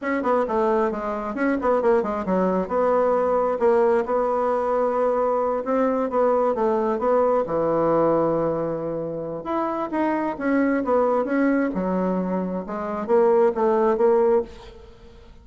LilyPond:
\new Staff \with { instrumentName = "bassoon" } { \time 4/4 \tempo 4 = 133 cis'8 b8 a4 gis4 cis'8 b8 | ais8 gis8 fis4 b2 | ais4 b2.~ | b8 c'4 b4 a4 b8~ |
b8 e2.~ e8~ | e4 e'4 dis'4 cis'4 | b4 cis'4 fis2 | gis4 ais4 a4 ais4 | }